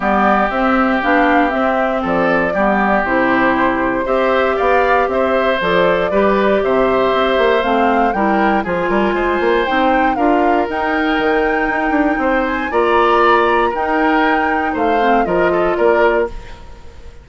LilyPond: <<
  \new Staff \with { instrumentName = "flute" } { \time 4/4 \tempo 4 = 118 d''4 e''4 f''4 e''4 | d''2 c''2 | e''4 f''4 e''4 d''4~ | d''4 e''2 f''4 |
g''4 gis''2 g''4 | f''4 g''2.~ | g''8 gis''8 ais''2 g''4~ | g''4 f''4 dis''4 d''4 | }
  \new Staff \with { instrumentName = "oboe" } { \time 4/4 g'1 | a'4 g'2. | c''4 d''4 c''2 | b'4 c''2. |
ais'4 gis'8 ais'8 c''2 | ais'1 | c''4 d''2 ais'4~ | ais'4 c''4 ais'8 a'8 ais'4 | }
  \new Staff \with { instrumentName = "clarinet" } { \time 4/4 b4 c'4 d'4 c'4~ | c'4 b4 e'2 | g'2. a'4 | g'2. c'4 |
e'4 f'2 dis'4 | f'4 dis'2.~ | dis'4 f'2 dis'4~ | dis'4. c'8 f'2 | }
  \new Staff \with { instrumentName = "bassoon" } { \time 4/4 g4 c'4 b4 c'4 | f4 g4 c2 | c'4 b4 c'4 f4 | g4 c4 c'8 ais8 a4 |
g4 f8 g8 gis8 ais8 c'4 | d'4 dis'4 dis4 dis'8 d'8 | c'4 ais2 dis'4~ | dis'4 a4 f4 ais4 | }
>>